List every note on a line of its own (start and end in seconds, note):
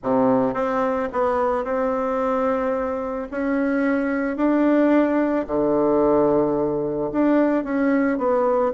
0.03 0.54 C3
0.54 1.08 C4
1.12 1.64 B3
1.64 3.28 C4
3.31 4.36 C#4
4.36 5.45 D4
5.47 7.11 D3
7.12 7.64 D4
7.64 8.18 C#4
8.18 8.72 B3